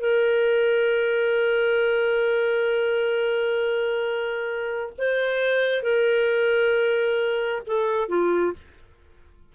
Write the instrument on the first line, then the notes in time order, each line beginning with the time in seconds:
clarinet
0.00 A#4
4.98 C5
5.83 A#4
7.66 A4
8.08 F4